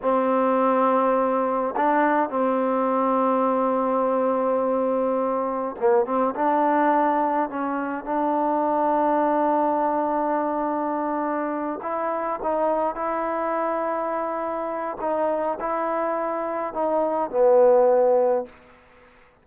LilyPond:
\new Staff \with { instrumentName = "trombone" } { \time 4/4 \tempo 4 = 104 c'2. d'4 | c'1~ | c'2 ais8 c'8 d'4~ | d'4 cis'4 d'2~ |
d'1~ | d'8 e'4 dis'4 e'4.~ | e'2 dis'4 e'4~ | e'4 dis'4 b2 | }